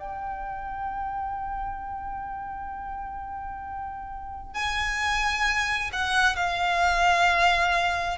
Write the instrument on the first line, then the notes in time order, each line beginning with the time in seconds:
violin
0.00 G5
4.55 G#5
5.93 F#5
6.36 F5